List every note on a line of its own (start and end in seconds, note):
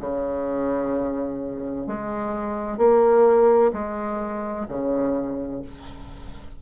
0.00 1.87 C#3
1.87 2.78 G#3
2.78 3.72 A#3
3.73 4.67 G#3
4.68 5.62 C#3